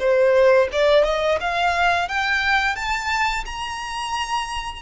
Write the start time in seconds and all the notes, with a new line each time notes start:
0.00 C5
0.73 D5
1.04 D#5
1.41 F5
2.09 G5
2.76 A5
3.46 A#5